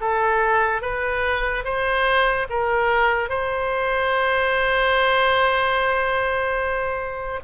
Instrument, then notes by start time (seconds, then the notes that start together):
oboe
0.00 A4
0.81 B4
1.64 C5
2.49 A#4
3.29 C5